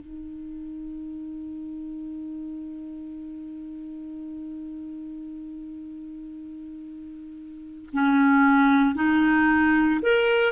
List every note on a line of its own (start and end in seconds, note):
0.00 7.89 D#4
7.93 8.95 C#4
8.95 10.00 D#4
10.02 10.52 A#4